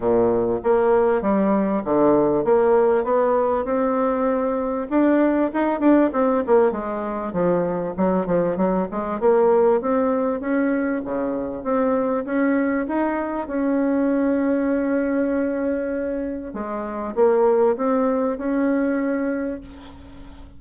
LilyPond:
\new Staff \with { instrumentName = "bassoon" } { \time 4/4 \tempo 4 = 98 ais,4 ais4 g4 d4 | ais4 b4 c'2 | d'4 dis'8 d'8 c'8 ais8 gis4 | f4 fis8 f8 fis8 gis8 ais4 |
c'4 cis'4 cis4 c'4 | cis'4 dis'4 cis'2~ | cis'2. gis4 | ais4 c'4 cis'2 | }